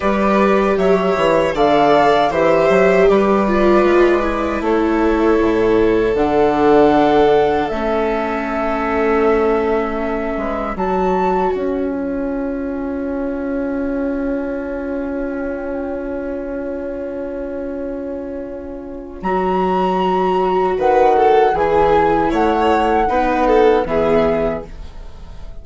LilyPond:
<<
  \new Staff \with { instrumentName = "flute" } { \time 4/4 \tempo 4 = 78 d''4 e''4 f''4 e''4 | d''2 cis''2 | fis''2 e''2~ | e''2 a''4 gis''4~ |
gis''1~ | gis''1~ | gis''4 ais''2 fis''4 | gis''4 fis''2 e''4 | }
  \new Staff \with { instrumentName = "violin" } { \time 4/4 b'4 cis''4 d''4 c''4 | b'2 a'2~ | a'1~ | a'4. b'8 cis''2~ |
cis''1~ | cis''1~ | cis''2. b'8 a'8 | gis'4 cis''4 b'8 a'8 gis'4 | }
  \new Staff \with { instrumentName = "viola" } { \time 4/4 g'2 a'4 g'4~ | g'8 f'4 e'2~ e'8 | d'2 cis'2~ | cis'2 fis'4. f'8~ |
f'1~ | f'1~ | f'4 fis'2. | e'2 dis'4 b4 | }
  \new Staff \with { instrumentName = "bassoon" } { \time 4/4 g4 fis8 e8 d4 e8 fis8 | g4 gis4 a4 a,4 | d2 a2~ | a4. gis8 fis4 cis'4~ |
cis'1~ | cis'1~ | cis'4 fis2 dis4 | e4 a4 b4 e4 | }
>>